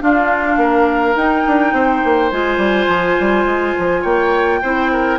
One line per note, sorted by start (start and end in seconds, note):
0.00 1.15 D4
0.00 0.57 D4
0.00 0.59 F4
0.00 1.16 F5
0.57 1.14 A#3
0.57 1.74 A#4
1.15 1.44 D#4
1.15 2.31 D#4
1.15 2.31 G5
1.47 1.73 D4
1.73 2.02 C4
1.73 4.02 C5
2.04 2.32 A#3
2.31 2.57 G#3
2.31 4.62 F4
2.31 4.04 G#5
2.57 2.86 G3
2.88 3.16 F3
3.20 3.45 G3
3.45 3.74 G#3
3.78 4.04 F3
4.02 4.62 A#3
4.02 4.59 C#5
4.02 5.19 G5
4.62 5.19 C4
4.62 5.19 E4
4.62 4.91 C5
4.92 5.19 A#4